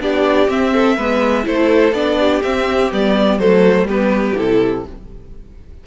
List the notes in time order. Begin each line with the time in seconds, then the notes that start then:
0.00 B3 D4 G4 D5
0.48 C4 E5
0.74 A4
0.97 G#3 B3 B4
1.44 A3 E4 A4 C5
1.93 B3 D4 D5
2.19 G4
2.43 C4 E5
2.91 G3 B3 D5
3.39 F#3 A3 A4 C5
3.83 G3 B3 G4 B4
4.37 C3 E4 A4